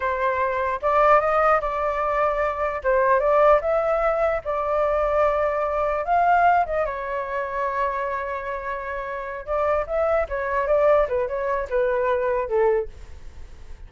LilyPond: \new Staff \with { instrumentName = "flute" } { \time 4/4 \tempo 4 = 149 c''2 d''4 dis''4 | d''2. c''4 | d''4 e''2 d''4~ | d''2. f''4~ |
f''8 dis''8 cis''2.~ | cis''2.~ cis''8 d''8~ | d''8 e''4 cis''4 d''4 b'8 | cis''4 b'2 a'4 | }